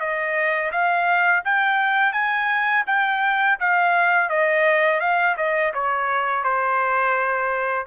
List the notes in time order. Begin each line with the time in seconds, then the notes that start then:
0.00 D#5
0.72 F5
1.44 G5
2.13 G#5
2.87 G5
3.60 F5
4.30 D#5
5.00 F5
5.37 D#5
5.74 C#5
6.44 C5